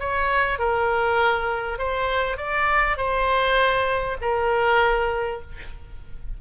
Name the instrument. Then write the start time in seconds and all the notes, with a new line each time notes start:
oboe
0.00 C#5
0.59 A#4
1.79 C5
2.37 D5
2.97 C5
4.21 A#4